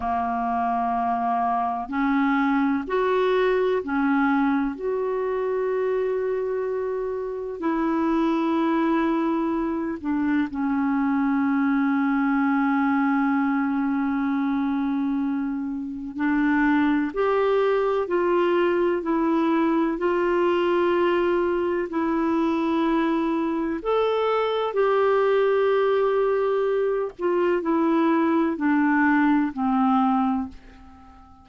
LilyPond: \new Staff \with { instrumentName = "clarinet" } { \time 4/4 \tempo 4 = 63 ais2 cis'4 fis'4 | cis'4 fis'2. | e'2~ e'8 d'8 cis'4~ | cis'1~ |
cis'4 d'4 g'4 f'4 | e'4 f'2 e'4~ | e'4 a'4 g'2~ | g'8 f'8 e'4 d'4 c'4 | }